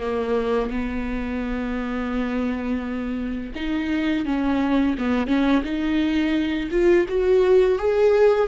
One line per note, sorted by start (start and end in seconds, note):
0.00 0.70 A#3
0.70 3.52 B3
3.55 4.25 D#4
4.25 4.95 C#4
4.98 5.27 B3
5.27 5.62 C#4
5.63 6.69 D#4
6.71 7.06 F4
7.08 7.78 F#4
7.78 8.47 G#4